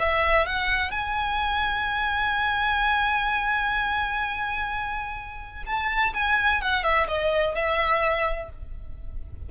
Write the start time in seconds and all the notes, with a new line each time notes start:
0.00 E5
0.47 F#5
0.92 G#5
5.66 A5
6.15 G#5
6.62 F#5
6.84 E5
7.08 D#5
7.55 E5